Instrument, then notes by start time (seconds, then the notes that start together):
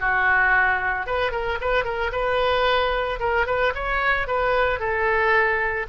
oboe
0.00 F#4
1.06 B4
1.32 A#4
1.61 B4
1.85 A#4
2.12 B4
3.20 A#4
3.47 B4
3.75 C#5
4.28 B4
4.80 A4